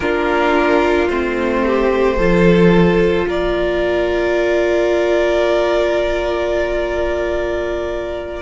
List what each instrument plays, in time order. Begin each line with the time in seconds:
0.00 cello A#3, viola D4, violin F4 A#4
1.09 cello A3, viola C4, violin C5
1.66 violin G4
2.16 cello F3, viola F4, violin A4
3.26 cello A#3, violin A#4 D5